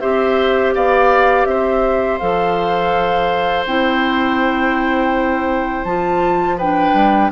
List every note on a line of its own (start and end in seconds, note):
0.00 0.75 C4
0.00 2.20 G4
0.00 0.74 C5
0.00 0.73 E5
0.75 1.46 B3
0.75 1.48 D5
0.75 1.45 F5
1.45 2.19 C4
1.45 6.57 C5
1.45 2.19 E5
2.19 3.66 F3
2.19 3.67 A4
2.19 3.65 F5
3.66 5.85 C4
3.66 5.86 E4
3.66 5.84 G5
5.84 6.94 F3
5.84 6.60 F4
5.84 6.57 A5
6.57 7.32 D4
6.57 7.31 B4
6.57 7.32 G5
6.94 7.30 G3